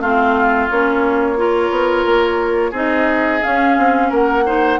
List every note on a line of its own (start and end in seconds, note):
0.00 0.68 A3
0.00 0.70 C4
0.00 1.37 F4
0.00 0.69 F5
0.70 1.70 A#3
0.70 1.37 C#4
0.70 2.74 C#5
1.37 2.73 F4
1.37 2.71 A#4
1.70 2.04 B3
2.05 2.72 A#3
2.71 3.40 C4
2.71 3.42 D#4
2.71 4.07 G#4
2.71 3.43 D#5
3.42 4.44 C#4
3.42 3.78 C#4
3.42 4.11 F5
3.78 4.11 C4
4.09 4.79 A#3
4.09 4.43 A#4
4.09 4.79 F#5
4.45 4.79 D#4
4.45 4.79 C5